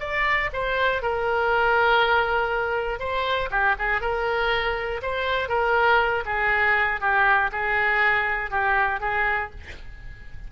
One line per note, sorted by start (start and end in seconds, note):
0.00 0.50 D5
0.53 1.03 C5
1.03 3.00 A#4
3.00 3.50 C5
3.51 3.76 G4
3.79 4.02 G#4
4.02 5.02 A#4
5.03 5.49 C5
5.49 6.24 A#4
6.26 7.01 G#4
7.01 7.51 G4
7.52 8.51 G#4
8.51 9.00 G4
9.00 9.50 G#4